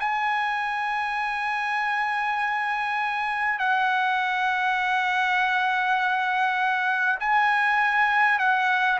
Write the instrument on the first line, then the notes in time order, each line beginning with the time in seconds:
trumpet
0.00 G#5
3.59 F#5
7.19 G#5
8.39 F#5